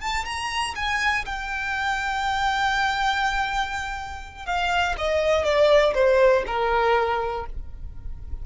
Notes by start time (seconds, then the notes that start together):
0.00 A5
0.25 A#5
0.75 G#5
1.25 G5
4.46 F5
4.98 D#5
5.44 D5
5.94 C5
6.46 A#4